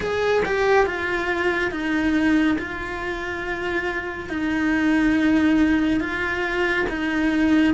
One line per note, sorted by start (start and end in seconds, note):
0.00 0.43 G#4
0.45 0.86 G4
0.86 1.71 F4
1.71 2.57 D#4
2.58 4.29 F4
4.29 6.00 D#4
6.00 6.86 F4
6.89 7.74 D#4